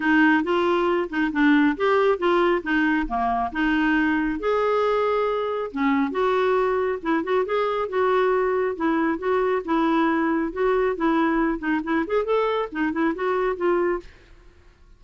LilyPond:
\new Staff \with { instrumentName = "clarinet" } { \time 4/4 \tempo 4 = 137 dis'4 f'4. dis'8 d'4 | g'4 f'4 dis'4 ais4 | dis'2 gis'2~ | gis'4 cis'4 fis'2 |
e'8 fis'8 gis'4 fis'2 | e'4 fis'4 e'2 | fis'4 e'4. dis'8 e'8 gis'8 | a'4 dis'8 e'8 fis'4 f'4 | }